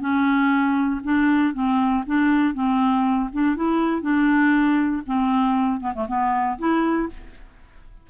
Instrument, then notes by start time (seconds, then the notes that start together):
clarinet
0.00 C#4
1.04 D4
1.54 C4
2.06 D4
2.54 C4
3.33 D4
3.56 E4
4.02 D4
5.06 C4
5.81 B3
5.94 A3
6.08 B3
6.59 E4